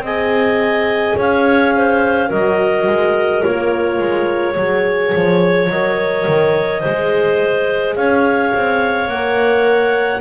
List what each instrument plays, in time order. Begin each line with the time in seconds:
0.00 double bass C4, horn G#4, clarinet D#5 G#5
1.16 double bass C#4, clarinet C#5 F5
1.75 clarinet C5
2.28 double bass F#3, horn F#4, clarinet A#4 D#5
2.86 double bass G#3
3.42 double bass A#3, horn F4, clarinet C#5
3.99 double bass G#3
4.54 double bass F#3, horn G#4, clarinet C#5
5.14 double bass F3
5.69 double bass F#3, horn A#4, clarinet D#5
6.27 double bass D#3
6.80 double bass G#3, horn G#4, clarinet C5
7.95 double bass C#4, clarinet C#5 F5
8.54 double bass C4
9.07 double bass A#3, horn A#4, clarinet F#5